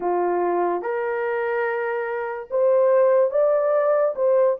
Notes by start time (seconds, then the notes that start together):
0.00 F4
0.81 A#4
2.50 C5
3.31 D5
4.15 C5